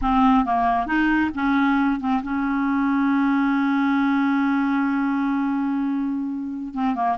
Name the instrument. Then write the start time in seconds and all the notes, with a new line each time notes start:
clarinet
0.01 C4
0.45 A#3
0.86 D#4
1.34 C#4
2.00 C4
2.22 C#4
6.73 C4
6.95 A#3